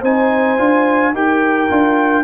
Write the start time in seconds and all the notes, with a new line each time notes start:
0.00 C4 D#4 C5 G#5
0.58 D4 F4
1.13 D#4 G4 A#4 G5
1.69 D4 F4